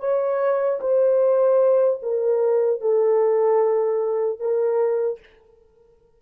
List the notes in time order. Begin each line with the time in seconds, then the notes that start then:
0.00 C#5
0.81 C5
2.03 A#4
2.81 A4
4.40 A#4